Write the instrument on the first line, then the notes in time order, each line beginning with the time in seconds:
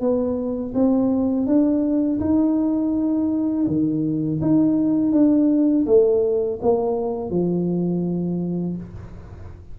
tuba
0.00 B3
0.74 C4
1.46 D4
2.20 D#4
3.67 D#3
4.41 D#4
5.12 D4
5.86 A3
6.62 A#3
7.30 F3